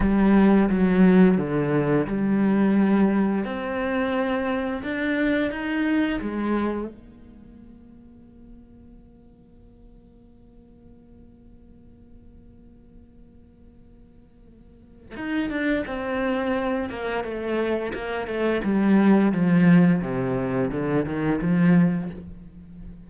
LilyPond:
\new Staff \with { instrumentName = "cello" } { \time 4/4 \tempo 4 = 87 g4 fis4 d4 g4~ | g4 c'2 d'4 | dis'4 gis4 ais2~ | ais1~ |
ais1~ | ais2 dis'8 d'8 c'4~ | c'8 ais8 a4 ais8 a8 g4 | f4 c4 d8 dis8 f4 | }